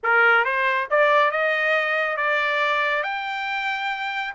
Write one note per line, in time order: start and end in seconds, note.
0.03 0.44 A#4
0.44 0.88 C5
0.90 1.31 D5
1.31 2.16 D#5
2.16 3.03 D5
3.03 4.33 G5